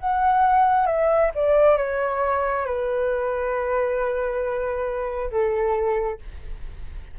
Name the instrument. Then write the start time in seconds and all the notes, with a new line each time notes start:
flute
0.00 F#5
0.87 E5
1.35 D5
1.77 C#5
2.66 B4
5.31 A4